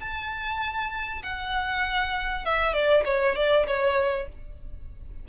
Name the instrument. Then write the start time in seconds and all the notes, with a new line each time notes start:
violin
0.00 A5
1.23 F#5
2.45 E5
2.73 D5
3.05 C#5
3.36 D5
3.67 C#5